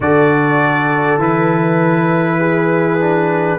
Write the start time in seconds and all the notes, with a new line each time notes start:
0.00 D3 F#4 A4 D5
1.18 E3 E4 B4
2.39 G#4
2.99 D4